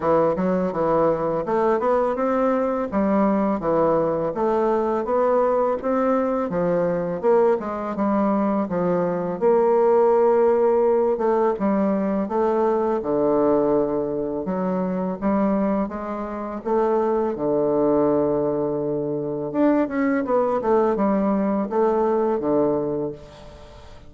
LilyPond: \new Staff \with { instrumentName = "bassoon" } { \time 4/4 \tempo 4 = 83 e8 fis8 e4 a8 b8 c'4 | g4 e4 a4 b4 | c'4 f4 ais8 gis8 g4 | f4 ais2~ ais8 a8 |
g4 a4 d2 | fis4 g4 gis4 a4 | d2. d'8 cis'8 | b8 a8 g4 a4 d4 | }